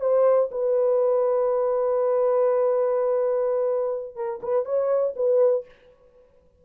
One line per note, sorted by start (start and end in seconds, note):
0.00 0.49 C5
0.51 4.15 B4
4.15 4.40 A#4
4.42 4.65 B4
4.65 5.14 C#5
5.16 5.65 B4